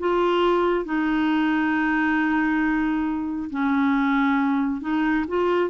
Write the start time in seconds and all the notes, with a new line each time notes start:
0.00 F4
0.85 D#4
3.51 C#4
4.82 D#4
5.28 F4